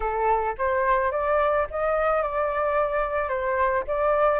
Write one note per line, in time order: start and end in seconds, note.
0.00 0.55 A4
0.58 1.11 C5
1.11 1.66 D5
1.70 2.22 D#5
2.22 3.28 D5
3.28 3.83 C5
3.87 4.40 D5